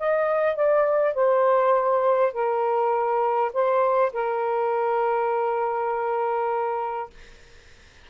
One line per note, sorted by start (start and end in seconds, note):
0.00 0.56 D#5
0.56 1.15 D5
1.15 2.33 C5
2.33 3.52 A#4
3.53 4.13 C5
4.13 7.10 A#4